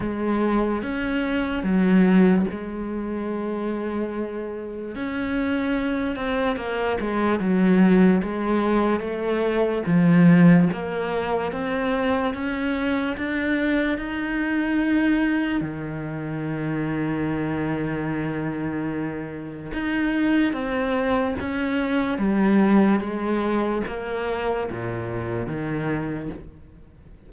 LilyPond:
\new Staff \with { instrumentName = "cello" } { \time 4/4 \tempo 4 = 73 gis4 cis'4 fis4 gis4~ | gis2 cis'4. c'8 | ais8 gis8 fis4 gis4 a4 | f4 ais4 c'4 cis'4 |
d'4 dis'2 dis4~ | dis1 | dis'4 c'4 cis'4 g4 | gis4 ais4 ais,4 dis4 | }